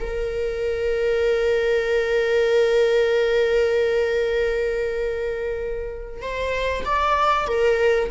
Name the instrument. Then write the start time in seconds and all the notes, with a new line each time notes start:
viola
0.00 A#4
6.22 C5
6.85 D5
7.47 A#4